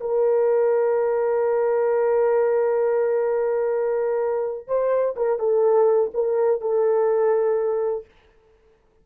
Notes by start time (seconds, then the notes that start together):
0.00 A#4
4.67 C5
5.16 A#4
5.39 A4
6.14 A#4
6.61 A4